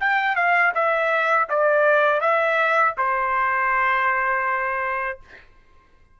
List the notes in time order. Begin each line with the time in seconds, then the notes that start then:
0.00 G5
0.36 F5
0.74 E5
1.49 D5
2.21 E5
2.98 C5